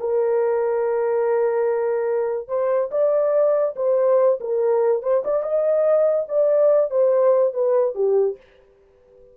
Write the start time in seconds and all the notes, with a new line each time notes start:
0.00 A#4
2.48 C5
2.91 D5
3.76 C5
4.40 A#4
5.03 C5
5.25 D5
5.43 D#5
6.28 D5
6.91 C5
7.54 B4
7.95 G4